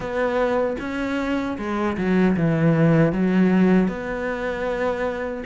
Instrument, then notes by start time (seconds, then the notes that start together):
cello
0.00 B3
0.79 C#4
1.58 G#3
1.97 F#3
2.36 E3
3.12 F#3
3.87 B3